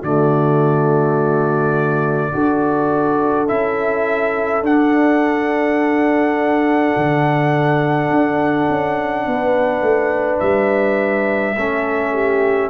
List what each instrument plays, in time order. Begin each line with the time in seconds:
0.00 tuba D3, trombone A3, horn F#4, trumpet D5
2.32 tuba D4, trombone F#4, horn A4
3.47 tuba C#4, trombone E4, trumpet E5
4.62 tuba D4, trombone D4, trumpet F#5
6.97 tuba D3
8.10 tuba D4
8.69 tuba C#4
9.26 tuba B3, horn B4
9.81 tuba A3
10.39 tuba G3, trumpet E5
11.56 tuba A3, trombone C#4, horn A4
12.12 horn G4